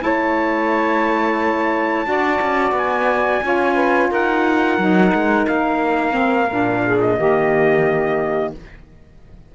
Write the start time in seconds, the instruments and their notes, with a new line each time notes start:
0.00 cello A3, saxophone E4 C#5, trumpet A5
2.06 cello D4, saxophone F#4 D5
2.41 cello C#4
2.72 cello B3, trumpet G#5
3.43 cello C#4, saxophone F4 C#5
3.75 saxophone B4
4.11 cello D#4, saxophone A#4, trumpet F#5
4.78 cello F#3, saxophone D#4
5.13 cello G#3
5.47 cello A#3, trumpet F5
6.13 saxophone C4
6.51 cello A#2, saxophone D4
6.86 saxophone G#4
7.01 trumpet D#5
7.18 cello D#3, saxophone A#3 G4